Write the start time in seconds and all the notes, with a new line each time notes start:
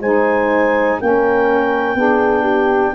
0.00 G#3 D#4 C5 G#5
1.00 A#3 C#4 A#4 G5
1.94 B3 D4 G#4
2.42 G4